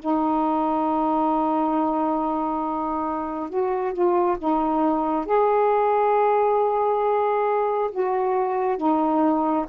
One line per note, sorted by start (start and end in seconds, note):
0.00 3.50 D#4
3.50 3.94 F#4
3.94 4.38 F4
4.39 5.26 D#4
5.26 7.91 G#4
7.91 8.78 F#4
8.78 9.66 D#4